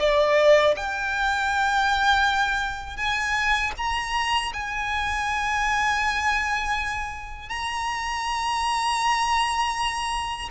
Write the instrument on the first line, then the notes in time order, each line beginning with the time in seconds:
violin
0.00 D5
0.77 G5
2.97 G#5
3.78 A#5
4.53 G#5
7.50 A#5